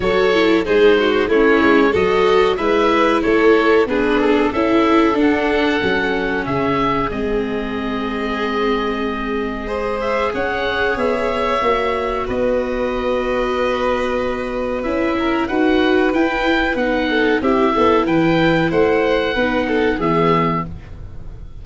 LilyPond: <<
  \new Staff \with { instrumentName = "oboe" } { \time 4/4 \tempo 4 = 93 cis''4 c''4 cis''4 dis''4 | e''4 cis''4 b'8 a'8 e''4 | fis''2 e''4 dis''4~ | dis''2.~ dis''8 e''8 |
fis''4 e''2 dis''4~ | dis''2. e''4 | fis''4 g''4 fis''4 e''4 | g''4 fis''2 e''4 | }
  \new Staff \with { instrumentName = "violin" } { \time 4/4 a'4 gis'8 fis'8 e'4 a'4 | b'4 a'4 gis'4 a'4~ | a'2 gis'2~ | gis'2. c''4 |
cis''2. b'4~ | b'2.~ b'8 ais'8 | b'2~ b'8 a'8 g'8 a'8 | b'4 c''4 b'8 a'8 gis'4 | }
  \new Staff \with { instrumentName = "viola" } { \time 4/4 fis'8 e'8 dis'4 cis'4 fis'4 | e'2 d'4 e'4 | d'4 cis'2 c'4~ | c'2. gis'4~ |
gis'2 fis'2~ | fis'2. e'4 | fis'4 e'4 dis'4 e'4~ | e'2 dis'4 b4 | }
  \new Staff \with { instrumentName = "tuba" } { \time 4/4 fis4 gis4 a8 gis8 fis4 | gis4 a4 b4 cis'4 | d'4 fis4 cis4 gis4~ | gis1 |
cis'4 b4 ais4 b4~ | b2. cis'4 | dis'4 e'4 b4 c'8 b8 | e4 a4 b4 e4 | }
>>